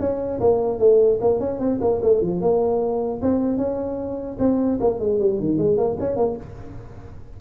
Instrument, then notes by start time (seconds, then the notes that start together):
tuba
0.00 C#4
0.41 A#3
0.80 A3
1.21 A#3
1.40 C#4
1.60 C4
1.82 A#3
2.03 A3
2.21 F3
2.41 A#3
3.22 C4
3.58 C#4
4.39 C4
4.81 A#3
5.00 G#3
5.20 G3
5.40 D#3
5.58 G#3
5.78 A#3
6.00 C#4
6.17 A#3